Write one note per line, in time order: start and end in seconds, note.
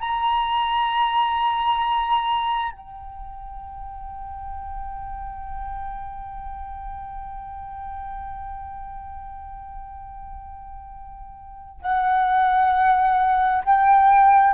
0.00 2.72 A#5
2.72 11.81 G5
11.81 13.63 F#5
13.64 14.53 G5